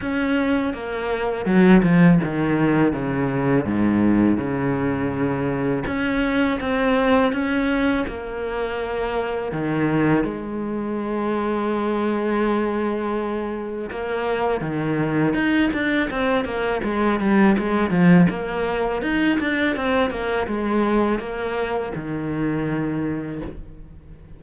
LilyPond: \new Staff \with { instrumentName = "cello" } { \time 4/4 \tempo 4 = 82 cis'4 ais4 fis8 f8 dis4 | cis4 gis,4 cis2 | cis'4 c'4 cis'4 ais4~ | ais4 dis4 gis2~ |
gis2. ais4 | dis4 dis'8 d'8 c'8 ais8 gis8 g8 | gis8 f8 ais4 dis'8 d'8 c'8 ais8 | gis4 ais4 dis2 | }